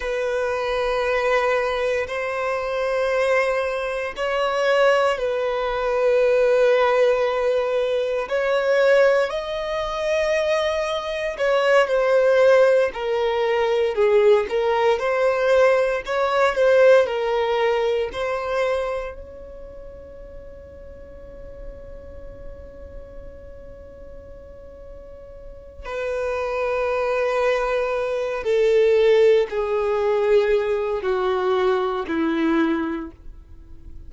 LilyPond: \new Staff \with { instrumentName = "violin" } { \time 4/4 \tempo 4 = 58 b'2 c''2 | cis''4 b'2. | cis''4 dis''2 cis''8 c''8~ | c''8 ais'4 gis'8 ais'8 c''4 cis''8 |
c''8 ais'4 c''4 cis''4.~ | cis''1~ | cis''4 b'2~ b'8 a'8~ | a'8 gis'4. fis'4 e'4 | }